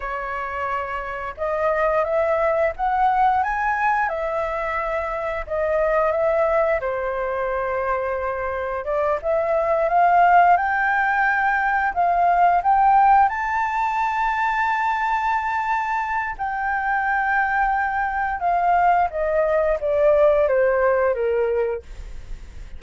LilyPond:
\new Staff \with { instrumentName = "flute" } { \time 4/4 \tempo 4 = 88 cis''2 dis''4 e''4 | fis''4 gis''4 e''2 | dis''4 e''4 c''2~ | c''4 d''8 e''4 f''4 g''8~ |
g''4. f''4 g''4 a''8~ | a''1 | g''2. f''4 | dis''4 d''4 c''4 ais'4 | }